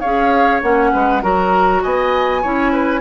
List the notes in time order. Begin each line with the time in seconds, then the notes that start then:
0.00 C#4 G#4 C#5 F5
0.62 A#3 C#4 F#5
0.92 G#3 B4
1.22 F#3 F#4 A#4 A#5
1.82 B3 D#5 G#5
2.42 C#4 E4 C#5
2.72 B4